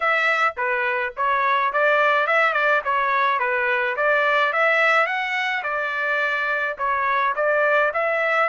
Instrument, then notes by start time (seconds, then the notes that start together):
trumpet
0.00 E5
0.57 B4
1.16 C#5
1.73 D5
2.26 E5
2.53 D5
2.84 C#5
3.39 B4
3.96 D5
4.52 E5
5.06 F#5
5.63 D5
6.78 C#5
7.35 D5
7.93 E5